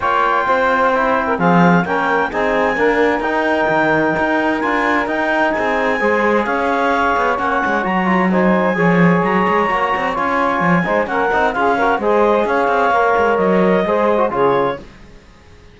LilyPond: <<
  \new Staff \with { instrumentName = "clarinet" } { \time 4/4 \tempo 4 = 130 g''2. f''4 | g''4 gis''2 g''4~ | g''2 gis''4 g''4 | gis''2 f''2 |
fis''4 ais''4 gis''2 | ais''2 gis''2 | fis''4 f''4 dis''4 f''4~ | f''4 dis''2 cis''4 | }
  \new Staff \with { instrumentName = "saxophone" } { \time 4/4 cis''4 c''4.~ c''16 ais'16 gis'4 | ais'4 gis'4 ais'2~ | ais'1 | gis'4 c''4 cis''2~ |
cis''2 c''4 cis''4~ | cis''2.~ cis''8 c''8 | ais'4 gis'8 ais'8 c''4 cis''4~ | cis''2 c''4 gis'4 | }
  \new Staff \with { instrumentName = "trombone" } { \time 4/4 f'2 e'4 c'4 | cis'4 dis'4 ais4 dis'4~ | dis'2 f'4 dis'4~ | dis'4 gis'2. |
cis'4 fis'8 f'8 dis'4 gis'4~ | gis'4 fis'4 f'4. dis'8 | cis'8 dis'8 f'8 fis'8 gis'2 | ais'2 gis'8. fis'16 f'4 | }
  \new Staff \with { instrumentName = "cello" } { \time 4/4 ais4 c'2 f4 | ais4 c'4 d'4 dis'4 | dis4 dis'4 d'4 dis'4 | c'4 gis4 cis'4. b8 |
ais8 gis8 fis2 f4 | fis8 gis8 ais8 c'8 cis'4 f8 gis8 | ais8 c'8 cis'4 gis4 cis'8 c'8 | ais8 gis8 fis4 gis4 cis4 | }
>>